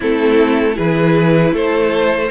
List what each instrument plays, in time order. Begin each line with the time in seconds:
0.00 cello A3, viola C4, violin E4 A4
0.73 cello E3, viola E4, violin G#4 B4
1.52 cello A3, violin A4 C5